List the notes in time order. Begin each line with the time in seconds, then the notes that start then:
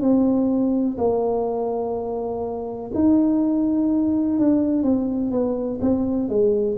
0.00 C4
0.97 A#3
2.94 D#4
4.39 D4
4.83 C4
5.31 B3
5.81 C4
6.29 G#3